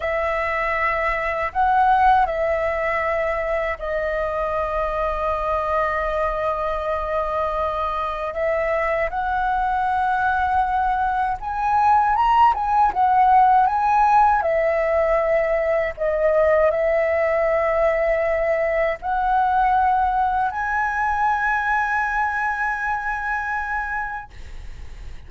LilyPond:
\new Staff \with { instrumentName = "flute" } { \time 4/4 \tempo 4 = 79 e''2 fis''4 e''4~ | e''4 dis''2.~ | dis''2. e''4 | fis''2. gis''4 |
ais''8 gis''8 fis''4 gis''4 e''4~ | e''4 dis''4 e''2~ | e''4 fis''2 gis''4~ | gis''1 | }